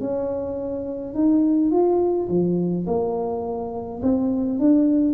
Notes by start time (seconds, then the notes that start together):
0.00 C#4
1.14 D#4
1.71 F4
2.29 F3
2.86 A#3
4.02 C4
4.59 D4